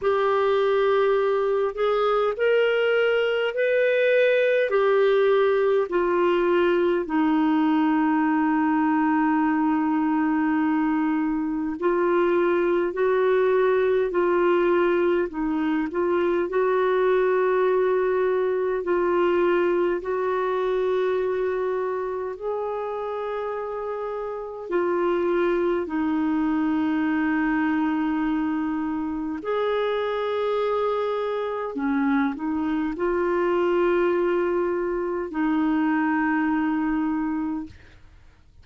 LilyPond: \new Staff \with { instrumentName = "clarinet" } { \time 4/4 \tempo 4 = 51 g'4. gis'8 ais'4 b'4 | g'4 f'4 dis'2~ | dis'2 f'4 fis'4 | f'4 dis'8 f'8 fis'2 |
f'4 fis'2 gis'4~ | gis'4 f'4 dis'2~ | dis'4 gis'2 cis'8 dis'8 | f'2 dis'2 | }